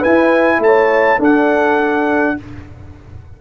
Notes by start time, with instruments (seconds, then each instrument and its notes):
0.00 trombone E4, tuba E4, horn B4, trumpet G#5
0.59 tuba A3, trumpet A5
0.66 horn C#5
1.19 tuba D4, trombone D4, horn A4, trumpet F#5